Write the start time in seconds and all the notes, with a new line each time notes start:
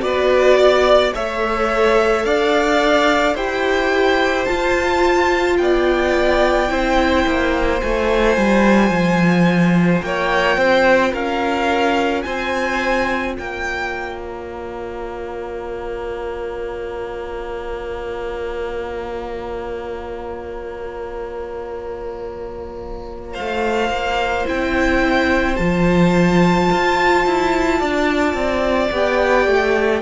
0.00 B3 F#4 B4 D5
0.58 D5
1.14 A3 A4 C#5 E5
2.25 D4 D5 F5
3.34 E4 G4 C5 G5
4.45 F4 A5
5.57 B3 D5 G5
6.68 C4 E4 C5
7.26 A#3
7.81 A3 F4 G#5
8.37 G3
8.91 F3
10.02 A#3 C#5 G5
10.57 C4 C5
11.12 C#4 A#4 F5
12.22 C4 C5 G#5
13.36 A#3 C#5 G5
14.20 A#5
23.33 C5 F5
23.40 A3
23.89 A#3
24.45 C4 E4 G5
25.56 F3 F4 A5
26.72 F4
27.26 E4
27.79 D4 D5
28.34 C4
28.91 B3 G4 G5
29.47 A3